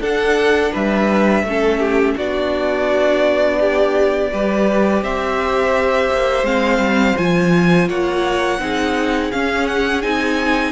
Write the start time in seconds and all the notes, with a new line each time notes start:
0.00 D4 A4 F#5
0.72 G3 B4 E5
1.43 A3 C#4
1.50 A4
1.79 G4
2.16 B3 D4 F#4 D5
3.59 G4
4.31 G3 G4 B4
5.02 C4 C5 E5
6.12 A#3
6.43 G#3 C4 F5
6.78 G3
7.17 F3 F4 G#5
7.88 A#3 C#5 F#5
8.59 C4 D#4 G#4
9.32 C#4 F5
9.67 F#5
10.02 C4 D#4 G#5